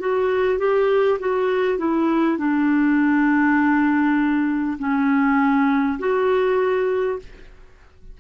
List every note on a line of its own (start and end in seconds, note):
0.00 0.58 F#4
0.58 1.18 G4
1.19 1.78 F#4
1.78 2.38 E4
2.38 4.78 D4
4.79 5.99 C#4
5.99 7.19 F#4